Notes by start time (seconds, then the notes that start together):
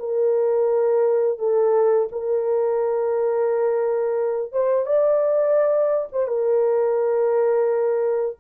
0.00 A#4
1.39 A4
2.12 A#4
4.53 C5
4.86 D5
6.13 C5
6.28 A#4